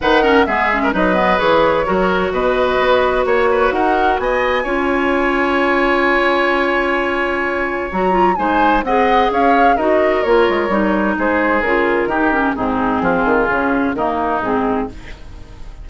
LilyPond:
<<
  \new Staff \with { instrumentName = "flute" } { \time 4/4 \tempo 4 = 129 fis''4 e''4 dis''4 cis''4~ | cis''4 dis''2 cis''4 | fis''4 gis''2.~ | gis''1~ |
gis''4 ais''4 gis''4 fis''4 | f''4 dis''4 cis''2 | c''4 ais'2 gis'4~ | gis'2 ais'4 gis'4 | }
  \new Staff \with { instrumentName = "oboe" } { \time 4/4 b'8 ais'8 gis'8. ais'16 b'2 | ais'4 b'2 cis''8 b'8 | ais'4 dis''4 cis''2~ | cis''1~ |
cis''2 c''4 dis''4 | cis''4 ais'2. | gis'2 g'4 dis'4 | f'2 dis'2 | }
  \new Staff \with { instrumentName = "clarinet" } { \time 4/4 dis'8 cis'8 b8 cis'8 dis'8 b8 gis'4 | fis'1~ | fis'2 f'2~ | f'1~ |
f'4 fis'8 f'8 dis'4 gis'4~ | gis'4 fis'4 f'4 dis'4~ | dis'4 f'4 dis'8 cis'8 c'4~ | c'4 cis'4 ais4 c'4 | }
  \new Staff \with { instrumentName = "bassoon" } { \time 4/4 dis4 gis4 fis4 e4 | fis4 b,4 b4 ais4 | dis'4 b4 cis'2~ | cis'1~ |
cis'4 fis4 gis4 c'4 | cis'4 dis'4 ais8 gis8 g4 | gis4 cis4 dis4 gis,4 | f8 dis8 cis4 dis4 gis,4 | }
>>